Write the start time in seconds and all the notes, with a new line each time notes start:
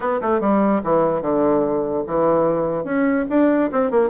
0.00 B3
0.21 A3
0.40 G3
0.83 E3
1.21 D3
2.06 E3
2.84 C#4
3.29 D4
3.72 C4
3.90 A#3